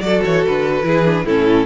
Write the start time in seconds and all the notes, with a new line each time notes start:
0.00 F#3 F#4 A4 D5
0.24 E3 C#5
0.46 D3 B4
0.82 E3 E4 G#4
1.05 D4
1.25 A2 C#4 E4 A4